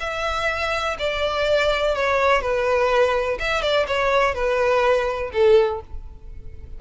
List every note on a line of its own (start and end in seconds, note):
0.00 0.97 E5
0.99 1.95 D5
1.95 2.42 C#5
2.42 3.38 B4
3.39 3.62 E5
3.62 3.86 D5
3.87 4.34 C#5
4.34 5.31 B4
5.32 5.81 A4